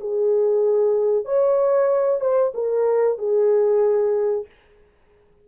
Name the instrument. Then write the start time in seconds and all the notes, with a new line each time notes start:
horn
0.00 G#4
1.25 C#5
2.21 C5
2.54 A#4
3.18 G#4